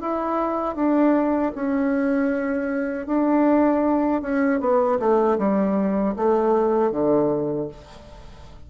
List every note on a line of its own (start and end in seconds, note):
0.00 0.75 E4
0.75 1.52 D4
1.55 3.06 C#4
3.06 4.21 D4
4.21 4.60 C#4
4.60 4.98 B3
4.99 5.37 A3
5.38 6.15 G3
6.16 6.91 A3
6.91 7.68 D3